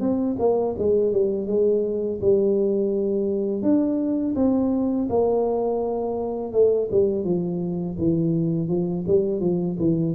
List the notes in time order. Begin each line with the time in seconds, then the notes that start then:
0.00 C4
0.39 A#3
0.78 G#3
1.12 G3
1.47 G#3
2.21 G3
3.62 D4
4.35 C4
5.09 A#3
6.52 A3
6.91 G3
7.24 F3
7.98 E3
8.68 F3
9.07 G3
9.40 F3
9.79 E3